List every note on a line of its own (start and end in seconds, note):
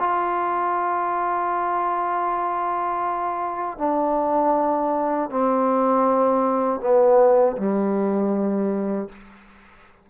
0.00 3.78 F4
3.78 5.30 D4
5.31 6.81 C4
6.81 7.57 B3
7.57 9.09 G3